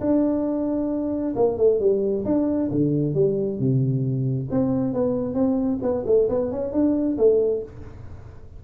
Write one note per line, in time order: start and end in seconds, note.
0.00 1.34 D4
1.35 1.57 A#3
1.57 1.79 A3
1.80 2.24 G3
2.24 2.69 D4
2.71 3.14 D3
3.14 3.59 G3
3.59 4.48 C3
4.50 4.93 C4
4.93 5.34 B3
5.34 5.78 C4
5.82 6.04 B3
6.06 6.28 A3
6.29 6.51 B3
6.51 6.72 C#4
6.72 7.17 D4
7.17 7.62 A3